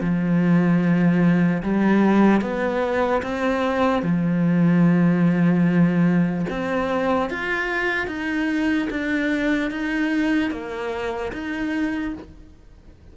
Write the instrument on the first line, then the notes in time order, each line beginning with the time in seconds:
cello
0.00 F3
1.63 G3
2.41 B3
3.22 C4
4.02 F3
6.49 C4
7.30 F4
8.07 D#4
8.90 D4
9.71 D#4
10.51 A#3
11.32 D#4